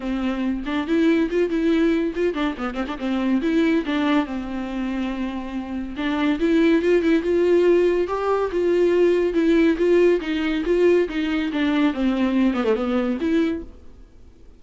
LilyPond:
\new Staff \with { instrumentName = "viola" } { \time 4/4 \tempo 4 = 141 c'4. d'8 e'4 f'8 e'8~ | e'4 f'8 d'8 b8 c'16 d'16 c'4 | e'4 d'4 c'2~ | c'2 d'4 e'4 |
f'8 e'8 f'2 g'4 | f'2 e'4 f'4 | dis'4 f'4 dis'4 d'4 | c'4. b16 a16 b4 e'4 | }